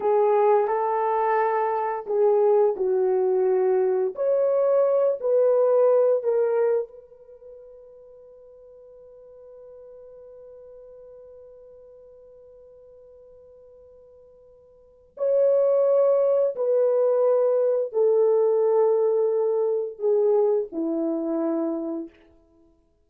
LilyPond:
\new Staff \with { instrumentName = "horn" } { \time 4/4 \tempo 4 = 87 gis'4 a'2 gis'4 | fis'2 cis''4. b'8~ | b'4 ais'4 b'2~ | b'1~ |
b'1~ | b'2 cis''2 | b'2 a'2~ | a'4 gis'4 e'2 | }